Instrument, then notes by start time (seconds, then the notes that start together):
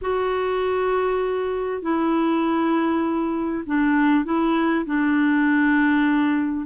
clarinet
0.01 F#4
1.82 E4
3.66 D4
4.24 E4
4.85 D4